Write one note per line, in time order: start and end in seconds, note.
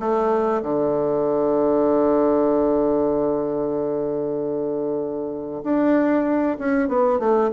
0.00 0.62 A3
0.63 5.63 D3
5.64 6.58 D4
6.59 6.89 C#4
6.89 7.20 B3
7.20 7.51 A3